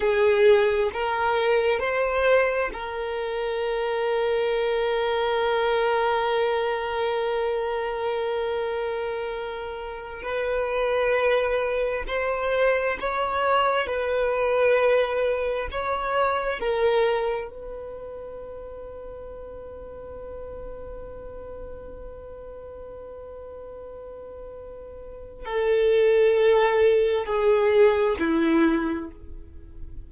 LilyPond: \new Staff \with { instrumentName = "violin" } { \time 4/4 \tempo 4 = 66 gis'4 ais'4 c''4 ais'4~ | ais'1~ | ais'2.~ ais'16 b'8.~ | b'4~ b'16 c''4 cis''4 b'8.~ |
b'4~ b'16 cis''4 ais'4 b'8.~ | b'1~ | b'1 | a'2 gis'4 e'4 | }